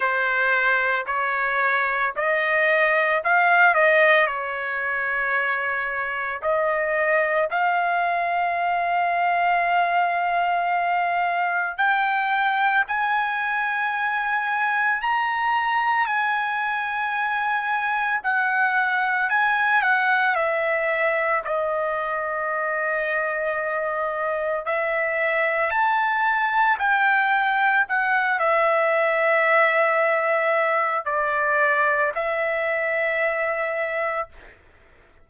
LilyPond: \new Staff \with { instrumentName = "trumpet" } { \time 4/4 \tempo 4 = 56 c''4 cis''4 dis''4 f''8 dis''8 | cis''2 dis''4 f''4~ | f''2. g''4 | gis''2 ais''4 gis''4~ |
gis''4 fis''4 gis''8 fis''8 e''4 | dis''2. e''4 | a''4 g''4 fis''8 e''4.~ | e''4 d''4 e''2 | }